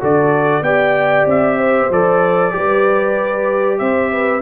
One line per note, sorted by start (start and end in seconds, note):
0.00 0.61 D3
0.00 0.63 F#4
0.00 0.63 A4
0.00 0.63 D5
0.61 1.24 B3
0.61 1.91 G4
0.61 1.57 D5
0.61 1.26 G5
1.26 1.89 C4
1.26 1.92 E5
1.57 2.52 C5
1.89 2.52 F3
1.89 2.51 A4
1.89 3.78 D5
2.51 3.80 G3
2.51 4.40 G4
2.57 3.79 B4
3.78 4.41 C4
3.78 4.11 C5
3.78 4.41 E5
4.11 4.41 B4